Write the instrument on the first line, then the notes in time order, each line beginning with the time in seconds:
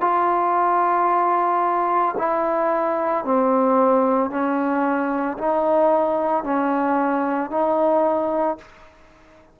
trombone
0.00 F4
2.17 E4
3.24 C4
4.30 C#4
5.37 D#4
6.43 C#4
7.50 D#4